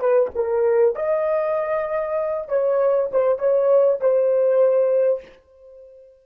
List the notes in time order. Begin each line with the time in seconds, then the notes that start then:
0.00 B4
0.35 A#4
0.96 D#5
2.49 C#5
3.12 C5
3.39 C#5
4.01 C5